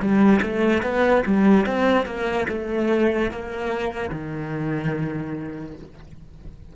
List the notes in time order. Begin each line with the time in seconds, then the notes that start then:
0.00 G3
0.43 A3
0.83 B3
1.26 G3
1.66 C4
2.06 A#3
2.49 A3
3.31 A#3
4.10 D#3